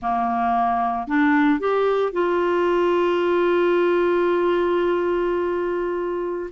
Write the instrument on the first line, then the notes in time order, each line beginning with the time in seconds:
clarinet
0.02 A#3
1.07 D4
1.59 G4
2.12 F4